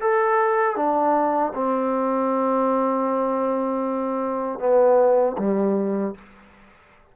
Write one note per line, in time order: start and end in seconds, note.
0.00 0.76 A4
0.76 1.53 D4
1.54 4.59 C4
4.59 5.36 B3
5.38 6.15 G3